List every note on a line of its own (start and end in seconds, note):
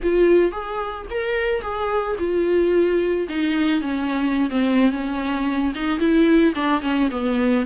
0.02 0.51 F4
0.51 1.06 G#4
1.10 1.61 A#4
1.61 2.16 G#4
2.18 3.27 F4
3.29 3.81 D#4
3.81 4.49 C#4
4.50 4.91 C4
4.91 5.73 C#4
5.74 5.99 D#4
5.99 6.53 E4
6.54 6.81 D4
6.81 7.09 C#4
7.11 7.65 B3